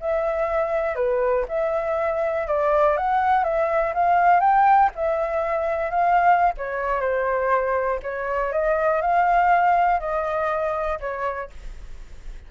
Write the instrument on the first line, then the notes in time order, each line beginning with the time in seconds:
flute
0.00 E5
0.95 B4
1.48 E5
2.47 D5
2.96 F#5
3.43 E5
3.94 F5
4.40 G5
4.95 E5
5.90 F5
6.57 C#5
7.00 C5
8.02 C#5
8.52 D#5
9.01 F5
9.99 D#5
11.00 C#5